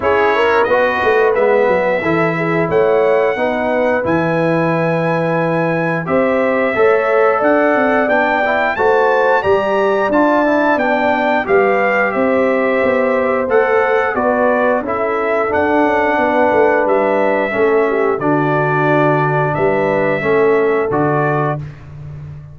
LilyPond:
<<
  \new Staff \with { instrumentName = "trumpet" } { \time 4/4 \tempo 4 = 89 cis''4 dis''4 e''2 | fis''2 gis''2~ | gis''4 e''2 fis''4 | g''4 a''4 ais''4 a''4 |
g''4 f''4 e''2 | fis''4 d''4 e''4 fis''4~ | fis''4 e''2 d''4~ | d''4 e''2 d''4 | }
  \new Staff \with { instrumentName = "horn" } { \time 4/4 gis'8 ais'8 b'2 a'8 gis'8 | cis''4 b'2.~ | b'4 c''4 cis''4 d''4~ | d''4 c''4 d''2~ |
d''4 b'4 c''2~ | c''4 b'4 a'2 | b'2 a'8 g'8 fis'4~ | fis'4 b'4 a'2 | }
  \new Staff \with { instrumentName = "trombone" } { \time 4/4 e'4 fis'4 b4 e'4~ | e'4 dis'4 e'2~ | e'4 g'4 a'2 | d'8 e'8 fis'4 g'4 f'8 e'8 |
d'4 g'2. | a'4 fis'4 e'4 d'4~ | d'2 cis'4 d'4~ | d'2 cis'4 fis'4 | }
  \new Staff \with { instrumentName = "tuba" } { \time 4/4 cis'4 b8 a8 gis8 fis8 e4 | a4 b4 e2~ | e4 c'4 a4 d'8 c'8 | b4 a4 g4 d'4 |
b4 g4 c'4 b4 | a4 b4 cis'4 d'8 cis'8 | b8 a8 g4 a4 d4~ | d4 g4 a4 d4 | }
>>